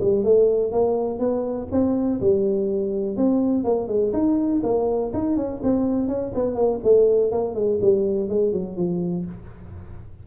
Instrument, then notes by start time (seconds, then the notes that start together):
tuba
0.00 G3
0.24 A3
0.71 A#3
1.19 B3
1.71 C4
2.21 G3
3.16 C4
3.64 A#3
3.88 G#3
4.13 D#4
4.63 A#3
5.13 D#4
5.36 C#4
5.63 C4
6.08 C#4
6.34 B3
6.55 A#3
6.83 A3
7.31 A#3
7.54 G#3
7.81 G3
8.29 G#3
8.53 F#3
8.76 F3